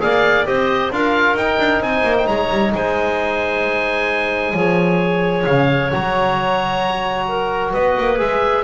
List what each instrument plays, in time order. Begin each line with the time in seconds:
0.00 double bass A#3, trombone G#4, clarinet D5, oboe F5
0.45 double bass C4, trombone G4, clarinet C5, oboe D#5
0.91 double bass D4, trombone F4, clarinet A#4, oboe F5
1.34 double bass D#4, trombone D#4, oboe G5
1.59 double bass D4
1.80 double bass C4, clarinet C5, oboe G#5
2.03 double bass A#3
2.18 oboe G5
2.27 double bass G#3, clarinet C#5, oboe A#5
2.51 double bass G3
2.74 double bass G#3, clarinet C5, oboe G#5
4.53 double bass F3, trombone G#4, clarinet C#5
5.45 double bass C#3, oboe F5
5.91 double bass F#3, trombone F#4, oboe A#5
7.27 clarinet A#4
7.72 double bass B3, clarinet B4, oboe D#5
7.97 double bass A#3
8.17 double bass G#3, trombone G#4, oboe E5